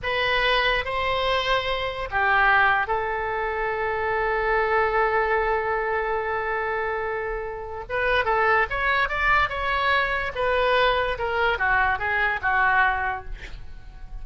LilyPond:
\new Staff \with { instrumentName = "oboe" } { \time 4/4 \tempo 4 = 145 b'2 c''2~ | c''4 g'2 a'4~ | a'1~ | a'1~ |
a'2. b'4 | a'4 cis''4 d''4 cis''4~ | cis''4 b'2 ais'4 | fis'4 gis'4 fis'2 | }